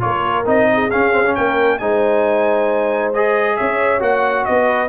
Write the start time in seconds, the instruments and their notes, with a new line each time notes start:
0.00 tuba A#3, trombone F4, horn A#4, trumpet C#5
0.45 tuba C4, trombone D#4, trumpet D#5
0.74 horn G#4
0.90 trombone C#4, tuba C#4, trumpet F5
1.12 trombone C4
1.26 trombone C#4
1.35 tuba A#3, horn A#4, trumpet G5
1.78 tuba G#3, trombone D#4, horn C5, trumpet G#5
3.13 trombone G#4, trumpet D#5
3.56 tuba C#4, horn C#5, trumpet E5
3.99 tuba A#3, trombone F#4, trumpet F#5
4.45 tuba B3, horn B4, trumpet D#5